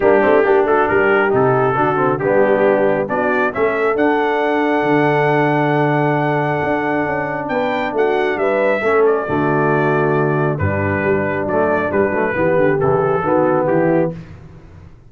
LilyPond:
<<
  \new Staff \with { instrumentName = "trumpet" } { \time 4/4 \tempo 4 = 136 g'4. a'8 ais'4 a'4~ | a'4 g'2 d''4 | e''4 fis''2.~ | fis''1~ |
fis''4 g''4 fis''4 e''4~ | e''8 d''2.~ d''8 | b'2 d''4 b'4~ | b'4 a'2 g'4 | }
  \new Staff \with { instrumentName = "horn" } { \time 4/4 d'4 g'8 fis'8 g'2 | fis'4 d'2 fis'4 | a'1~ | a'1~ |
a'4 b'4 fis'4 b'4 | a'4 fis'2. | d'1 | g'2 fis'4 e'4 | }
  \new Staff \with { instrumentName = "trombone" } { \time 4/4 ais8 c'8 d'2 dis'4 | d'8 c'8 b2 d'4 | cis'4 d'2.~ | d'1~ |
d'1 | cis'4 a2. | g2 a4 g8 a8 | b4 e4 b2 | }
  \new Staff \with { instrumentName = "tuba" } { \time 4/4 g8 a8 ais8 a8 g4 c4 | d4 g2 b4 | a4 d'2 d4~ | d2. d'4 |
cis'4 b4 a4 g4 | a4 d2. | g,4 g4 fis4 g8 fis8 | e8 d8 cis4 dis4 e4 | }
>>